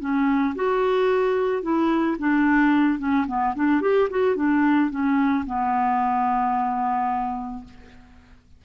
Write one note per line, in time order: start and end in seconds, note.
0.00 0.55 C#4
0.55 1.62 F#4
1.62 2.17 E4
2.19 2.99 D4
2.99 3.26 C#4
3.27 3.55 B3
3.55 3.81 D4
3.81 4.09 G4
4.10 4.36 F#4
4.36 4.90 D4
4.90 5.45 C#4
5.46 7.64 B3